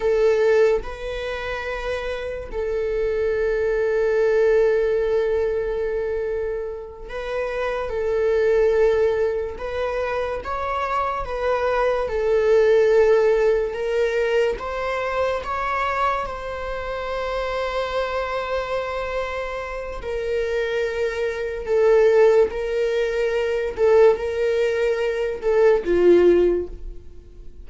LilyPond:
\new Staff \with { instrumentName = "viola" } { \time 4/4 \tempo 4 = 72 a'4 b'2 a'4~ | a'1~ | a'8 b'4 a'2 b'8~ | b'8 cis''4 b'4 a'4.~ |
a'8 ais'4 c''4 cis''4 c''8~ | c''1 | ais'2 a'4 ais'4~ | ais'8 a'8 ais'4. a'8 f'4 | }